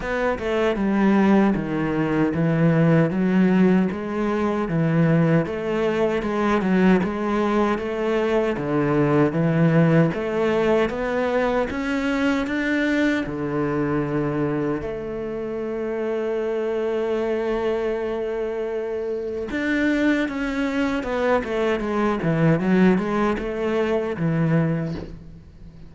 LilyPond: \new Staff \with { instrumentName = "cello" } { \time 4/4 \tempo 4 = 77 b8 a8 g4 dis4 e4 | fis4 gis4 e4 a4 | gis8 fis8 gis4 a4 d4 | e4 a4 b4 cis'4 |
d'4 d2 a4~ | a1~ | a4 d'4 cis'4 b8 a8 | gis8 e8 fis8 gis8 a4 e4 | }